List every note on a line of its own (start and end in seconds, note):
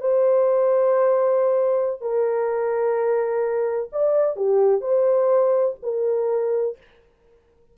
0.00 2.01 C5
2.01 3.90 A#4
3.92 4.36 D5
4.36 4.81 G4
4.81 5.76 C5
5.83 6.77 A#4